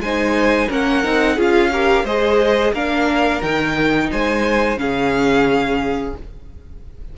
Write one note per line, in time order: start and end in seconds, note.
0.00 0.68 G#3
0.00 0.70 D#4
0.00 0.69 C5
0.00 0.69 G#5
0.69 1.05 A#3
0.69 1.04 C#4
0.69 1.36 A#4
0.69 1.41 F#5
1.04 1.38 C4
1.04 1.38 D#4
1.36 2.04 C#4
1.36 1.72 F4
1.36 1.70 G#4
1.36 2.06 F5
1.72 2.06 G4
1.72 2.05 A#4
2.04 2.73 G#3
2.04 2.75 G#4
2.04 2.73 C5
2.04 2.74 D#5
2.73 3.42 A#3
2.73 3.43 D4
2.73 4.10 A#4
2.73 3.42 F5
3.42 4.11 D#3
3.42 4.78 D#4
3.42 4.10 G5
4.12 4.77 G#3
4.12 4.80 C5
4.12 4.79 G#5
4.77 6.13 C#3
4.77 6.14 C#4
4.77 6.18 G#4
4.77 6.15 F5